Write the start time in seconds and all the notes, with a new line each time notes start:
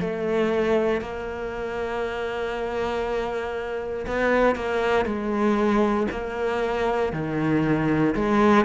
0.00 A3
1.01 A#3
4.07 B3
4.56 A#3
5.05 G#3
6.11 A#3
7.13 D#3
8.15 G#3